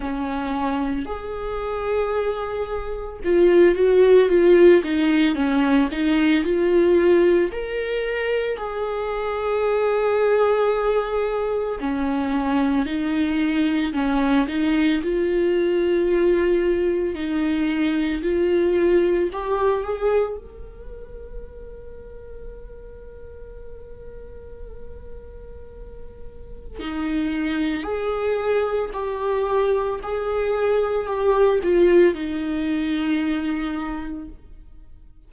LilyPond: \new Staff \with { instrumentName = "viola" } { \time 4/4 \tempo 4 = 56 cis'4 gis'2 f'8 fis'8 | f'8 dis'8 cis'8 dis'8 f'4 ais'4 | gis'2. cis'4 | dis'4 cis'8 dis'8 f'2 |
dis'4 f'4 g'8 gis'8 ais'4~ | ais'1~ | ais'4 dis'4 gis'4 g'4 | gis'4 g'8 f'8 dis'2 | }